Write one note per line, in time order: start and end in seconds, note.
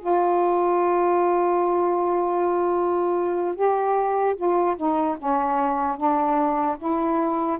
0.00 3.56 F4
3.56 4.36 G4
4.36 4.76 F4
4.77 5.17 D#4
5.18 5.97 C#4
5.97 6.77 D4
6.78 7.58 E4